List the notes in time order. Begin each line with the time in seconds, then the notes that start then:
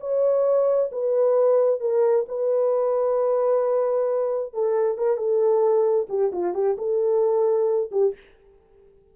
0.00 C#5
0.92 B4
1.80 A#4
2.28 B4
4.53 A4
4.98 A#4
5.17 A4
6.09 G4
6.32 F4
6.54 G4
6.78 A4
7.91 G4